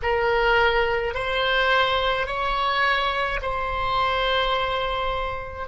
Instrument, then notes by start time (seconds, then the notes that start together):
oboe
0.02 A#4
1.14 C5
2.26 C#5
3.42 C5